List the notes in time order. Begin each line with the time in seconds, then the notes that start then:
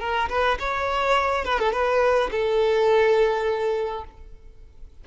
0.00 A#4
0.29 B4
0.59 C#5
1.45 B4
1.59 A4
1.72 B4
2.32 A4